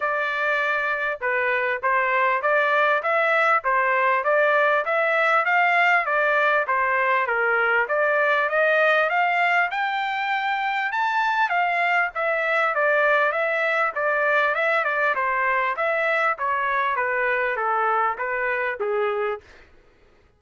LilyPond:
\new Staff \with { instrumentName = "trumpet" } { \time 4/4 \tempo 4 = 99 d''2 b'4 c''4 | d''4 e''4 c''4 d''4 | e''4 f''4 d''4 c''4 | ais'4 d''4 dis''4 f''4 |
g''2 a''4 f''4 | e''4 d''4 e''4 d''4 | e''8 d''8 c''4 e''4 cis''4 | b'4 a'4 b'4 gis'4 | }